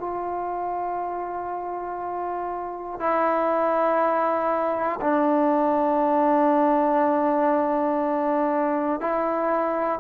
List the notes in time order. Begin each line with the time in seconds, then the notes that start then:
0.00 F4
3.00 E4
5.01 D4
9.01 E4